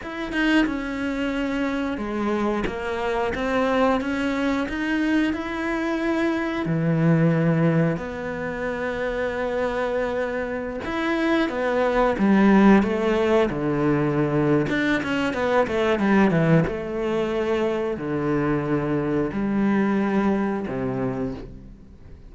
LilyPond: \new Staff \with { instrumentName = "cello" } { \time 4/4 \tempo 4 = 90 e'8 dis'8 cis'2 gis4 | ais4 c'4 cis'4 dis'4 | e'2 e2 | b1~ |
b16 e'4 b4 g4 a8.~ | a16 d4.~ d16 d'8 cis'8 b8 a8 | g8 e8 a2 d4~ | d4 g2 c4 | }